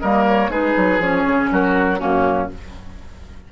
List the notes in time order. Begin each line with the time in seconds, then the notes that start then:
0.00 G3 A#3 A#4 D#5
0.28 C#5
0.49 G#3 D#4 G#4 B4
0.77 F#3
0.99 F3 C#4 C#5
1.27 C#3
1.51 F#3 F#4 A#4
1.99 F#2 A#3 C#4 F#4